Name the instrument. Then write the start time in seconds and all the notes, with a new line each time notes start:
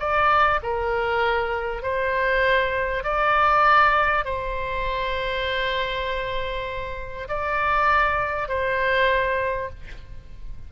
oboe
0.00 D5
0.63 A#4
1.83 C5
3.04 D5
4.25 C5
7.29 D5
8.49 C5